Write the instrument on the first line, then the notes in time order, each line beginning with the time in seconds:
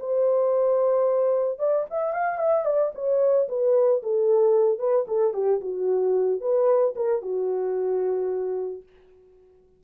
horn
0.00 C5
1.59 D5
1.91 E5
2.14 F5
2.39 E5
2.66 D5
2.95 C#5
3.49 B4
4.03 A4
4.79 B4
5.08 A4
5.34 G4
5.61 F#4
6.41 B4
6.96 A#4
7.22 F#4